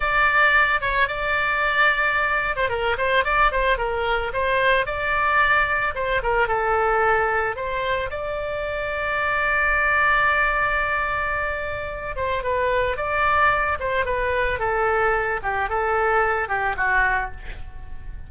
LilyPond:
\new Staff \with { instrumentName = "oboe" } { \time 4/4 \tempo 4 = 111 d''4. cis''8 d''2~ | d''8. c''16 ais'8 c''8 d''8 c''8 ais'4 | c''4 d''2 c''8 ais'8 | a'2 c''4 d''4~ |
d''1~ | d''2~ d''8 c''8 b'4 | d''4. c''8 b'4 a'4~ | a'8 g'8 a'4. g'8 fis'4 | }